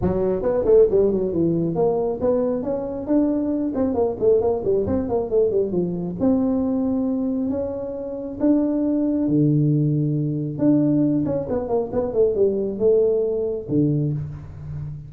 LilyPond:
\new Staff \with { instrumentName = "tuba" } { \time 4/4 \tempo 4 = 136 fis4 b8 a8 g8 fis8 e4 | ais4 b4 cis'4 d'4~ | d'8 c'8 ais8 a8 ais8 g8 c'8 ais8 | a8 g8 f4 c'2~ |
c'4 cis'2 d'4~ | d'4 d2. | d'4. cis'8 b8 ais8 b8 a8 | g4 a2 d4 | }